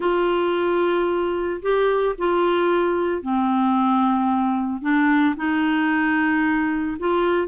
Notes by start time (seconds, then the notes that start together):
0.00 F4
1.61 G4
2.18 F4
3.22 C4
4.81 D4
5.36 D#4
6.99 F4